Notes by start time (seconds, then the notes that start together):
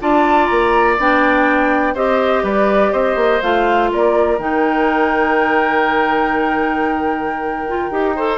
0.00 D4 F4 D5 A5
0.46 A#3 A#5
0.98 B3 D4 G5
1.94 C4 G4 C5 D#5
2.43 G3 B4 D5
2.92 C4 C5 D#5
3.15 A#3
3.42 A3 F4 F5
3.92 A#3 A#4 D5
4.38 D#3 D#4 G5
7.67 F4
7.91 D#4 G4
8.15 A4 C5